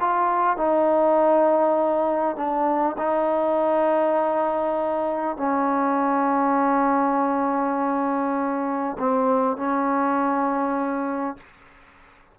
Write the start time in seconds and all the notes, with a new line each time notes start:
0.00 F4
0.57 D#4
2.36 D4
2.98 D#4
5.37 C#4
8.99 C4
9.57 C#4